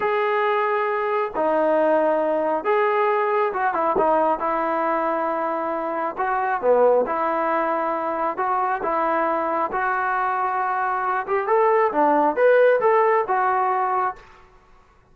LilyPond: \new Staff \with { instrumentName = "trombone" } { \time 4/4 \tempo 4 = 136 gis'2. dis'4~ | dis'2 gis'2 | fis'8 e'8 dis'4 e'2~ | e'2 fis'4 b4 |
e'2. fis'4 | e'2 fis'2~ | fis'4. g'8 a'4 d'4 | b'4 a'4 fis'2 | }